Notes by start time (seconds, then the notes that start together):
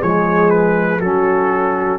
0.00 F3 G#3 G#4 C#5
0.50 B4
0.99 F#3 C#4 F#4 A4